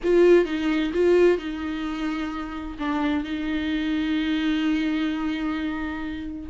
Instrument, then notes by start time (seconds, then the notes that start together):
viola
0.03 F4
0.45 D#4
0.93 F4
1.37 D#4
2.78 D4
3.23 D#4